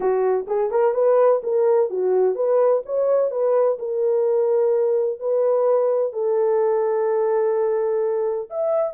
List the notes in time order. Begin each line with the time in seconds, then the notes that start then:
0.00 F#4
0.47 G#4
0.70 A#4
0.94 B4
1.43 A#4
1.90 F#4
2.35 B4
2.85 C#5
3.30 B4
3.79 A#4
5.19 B4
6.12 A4
8.50 E5